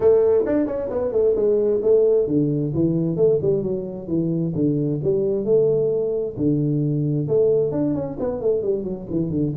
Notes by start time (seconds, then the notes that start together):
0.00 A3
0.45 D4
0.66 C#4
0.89 B3
1.12 A3
1.35 G#3
1.82 A3
2.27 D3
2.74 E3
3.16 A3
3.41 G3
3.62 F#3
4.07 E3
4.55 D3
5.03 G3
5.44 A3
6.36 D3
7.27 A3
7.71 D4
7.94 C#4
8.19 B3
8.40 A3
8.62 G3
8.84 F#3
9.10 E3
9.30 D3